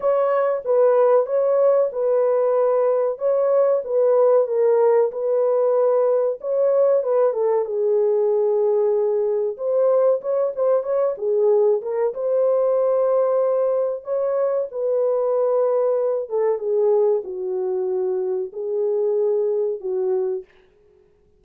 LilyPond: \new Staff \with { instrumentName = "horn" } { \time 4/4 \tempo 4 = 94 cis''4 b'4 cis''4 b'4~ | b'4 cis''4 b'4 ais'4 | b'2 cis''4 b'8 a'8 | gis'2. c''4 |
cis''8 c''8 cis''8 gis'4 ais'8 c''4~ | c''2 cis''4 b'4~ | b'4. a'8 gis'4 fis'4~ | fis'4 gis'2 fis'4 | }